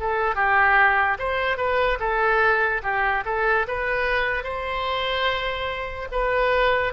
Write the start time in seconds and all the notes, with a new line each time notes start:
0.00 A4
0.35 G4
1.19 C5
1.57 B4
2.00 A4
2.83 G4
3.25 A4
3.68 B4
4.43 C5
6.12 B4